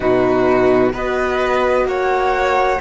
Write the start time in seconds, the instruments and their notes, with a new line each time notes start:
0.00 cello B2, horn D#4, violin F#4, flute B4
0.92 cello B3, horn F#4, violin B4, flute D#5
1.85 cello A#3, violin C#5, flute F#5